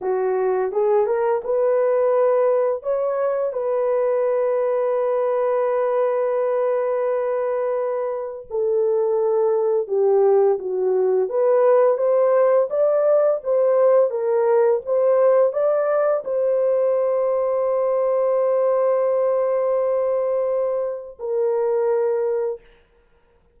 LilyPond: \new Staff \with { instrumentName = "horn" } { \time 4/4 \tempo 4 = 85 fis'4 gis'8 ais'8 b'2 | cis''4 b'2.~ | b'1 | a'2 g'4 fis'4 |
b'4 c''4 d''4 c''4 | ais'4 c''4 d''4 c''4~ | c''1~ | c''2 ais'2 | }